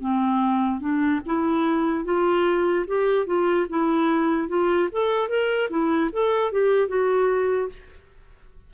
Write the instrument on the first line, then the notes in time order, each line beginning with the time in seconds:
clarinet
0.00 C4
0.80 D4
1.26 E4
2.04 F4
2.87 G4
3.26 F4
3.69 E4
4.48 F4
4.92 A4
5.28 A#4
5.69 E4
6.12 A4
6.52 G4
6.88 F#4